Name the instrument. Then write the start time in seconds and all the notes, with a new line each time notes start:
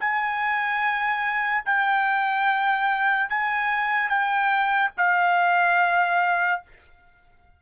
trumpet
0.00 G#5
1.66 G5
3.30 G#5
4.09 G5
4.97 F5